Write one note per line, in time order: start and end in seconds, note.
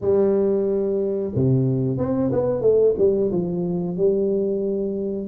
0.01 1.32 G3
1.35 1.98 C3
1.98 2.30 C4
2.32 2.61 B3
2.61 2.94 A3
2.98 3.31 G3
3.31 3.96 F3
3.96 5.27 G3